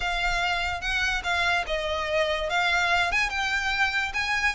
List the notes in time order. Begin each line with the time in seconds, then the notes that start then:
0.00 F5
0.81 F#5
1.23 F5
1.66 D#5
2.49 F5
3.11 G#5
3.29 G5
4.13 G#5